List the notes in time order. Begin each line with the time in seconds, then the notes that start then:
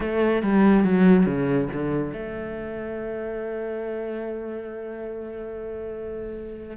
0.00 A3
0.42 G3
0.84 F#3
1.26 C#3
1.72 D3
2.12 A3